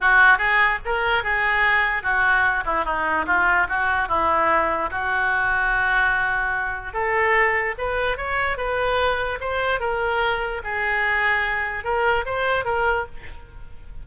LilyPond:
\new Staff \with { instrumentName = "oboe" } { \time 4/4 \tempo 4 = 147 fis'4 gis'4 ais'4 gis'4~ | gis'4 fis'4. e'8 dis'4 | f'4 fis'4 e'2 | fis'1~ |
fis'4 a'2 b'4 | cis''4 b'2 c''4 | ais'2 gis'2~ | gis'4 ais'4 c''4 ais'4 | }